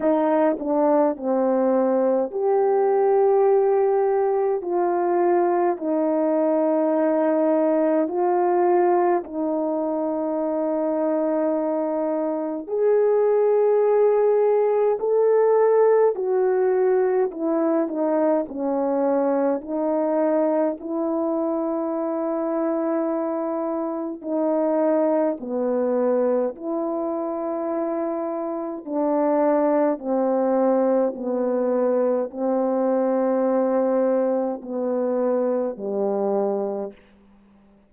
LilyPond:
\new Staff \with { instrumentName = "horn" } { \time 4/4 \tempo 4 = 52 dis'8 d'8 c'4 g'2 | f'4 dis'2 f'4 | dis'2. gis'4~ | gis'4 a'4 fis'4 e'8 dis'8 |
cis'4 dis'4 e'2~ | e'4 dis'4 b4 e'4~ | e'4 d'4 c'4 b4 | c'2 b4 g4 | }